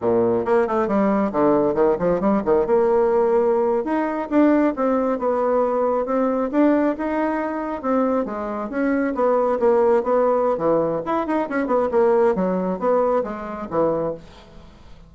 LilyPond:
\new Staff \with { instrumentName = "bassoon" } { \time 4/4 \tempo 4 = 136 ais,4 ais8 a8 g4 d4 | dis8 f8 g8 dis8 ais2~ | ais8. dis'4 d'4 c'4 b16~ | b4.~ b16 c'4 d'4 dis'16~ |
dis'4.~ dis'16 c'4 gis4 cis'16~ | cis'8. b4 ais4 b4~ b16 | e4 e'8 dis'8 cis'8 b8 ais4 | fis4 b4 gis4 e4 | }